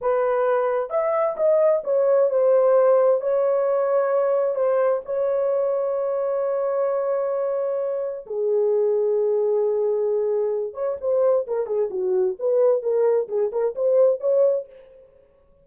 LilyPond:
\new Staff \with { instrumentName = "horn" } { \time 4/4 \tempo 4 = 131 b'2 e''4 dis''4 | cis''4 c''2 cis''4~ | cis''2 c''4 cis''4~ | cis''1~ |
cis''2 gis'2~ | gis'2.~ gis'8 cis''8 | c''4 ais'8 gis'8 fis'4 b'4 | ais'4 gis'8 ais'8 c''4 cis''4 | }